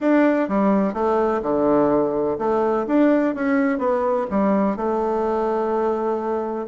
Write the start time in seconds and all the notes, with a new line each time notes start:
0.00 D4
0.48 G3
0.93 A3
1.42 D3
2.38 A3
2.87 D4
3.34 C#4
3.78 B3
4.30 G3
4.76 A3